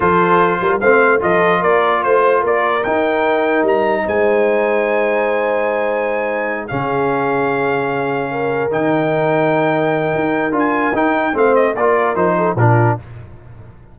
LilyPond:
<<
  \new Staff \with { instrumentName = "trumpet" } { \time 4/4 \tempo 4 = 148 c''2 f''4 dis''4 | d''4 c''4 d''4 g''4~ | g''4 ais''4 gis''2~ | gis''1~ |
gis''8 f''2.~ f''8~ | f''4. g''2~ g''8~ | g''2 gis''4 g''4 | f''8 dis''8 d''4 c''4 ais'4 | }
  \new Staff \with { instrumentName = "horn" } { \time 4/4 a'4. ais'8 c''4 a'4 | ais'4 c''4 ais'2~ | ais'2 c''2~ | c''1~ |
c''8 gis'2.~ gis'8~ | gis'8 ais'2.~ ais'8~ | ais'1 | c''4 ais'4. a'8 f'4 | }
  \new Staff \with { instrumentName = "trombone" } { \time 4/4 f'2 c'4 f'4~ | f'2. dis'4~ | dis'1~ | dis'1~ |
dis'8 cis'2.~ cis'8~ | cis'4. dis'2~ dis'8~ | dis'2 f'4 dis'4 | c'4 f'4 dis'4 d'4 | }
  \new Staff \with { instrumentName = "tuba" } { \time 4/4 f4. g8 a4 f4 | ais4 a4 ais4 dis'4~ | dis'4 g4 gis2~ | gis1~ |
gis8 cis2.~ cis8~ | cis4. dis2~ dis8~ | dis4 dis'4 d'4 dis'4 | a4 ais4 f4 ais,4 | }
>>